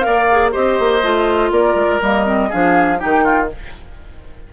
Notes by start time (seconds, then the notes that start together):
0.00 A#4 D5 F5
0.06 A#3
0.31 G#4
0.52 C4 G4 C5 D#5
0.79 A#3
1.03 A3 F4
1.51 A#3 A#4 D5
1.75 G#3
2.01 G3 A#3 D#5
2.25 C4
2.49 F3 D4 G#4 F5
2.98 D#3 D#4 G4 G5
3.24 F4